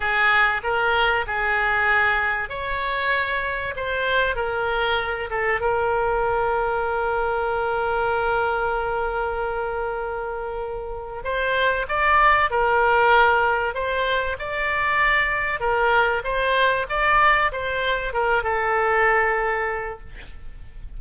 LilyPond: \new Staff \with { instrumentName = "oboe" } { \time 4/4 \tempo 4 = 96 gis'4 ais'4 gis'2 | cis''2 c''4 ais'4~ | ais'8 a'8 ais'2.~ | ais'1~ |
ais'2 c''4 d''4 | ais'2 c''4 d''4~ | d''4 ais'4 c''4 d''4 | c''4 ais'8 a'2~ a'8 | }